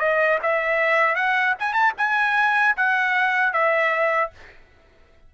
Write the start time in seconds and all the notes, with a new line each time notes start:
0.00 D#5
0.43 E5
1.16 F#5
1.60 G#5
1.74 A5
1.98 G#5
2.77 F#5
3.53 E5